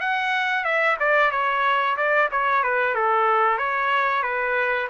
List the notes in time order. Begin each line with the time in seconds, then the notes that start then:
0.00 F#5
0.64 E5
0.99 D5
1.31 C#5
1.96 D5
2.31 C#5
2.63 B4
2.94 A4
3.58 C#5
4.22 B4